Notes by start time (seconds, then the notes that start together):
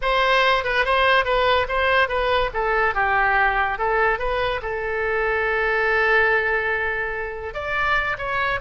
0.01 C5
0.64 B4
0.85 C5
1.24 B4
1.68 C5
2.08 B4
2.53 A4
2.94 G4
3.78 A4
4.18 B4
4.62 A4
7.54 D5
8.18 C#5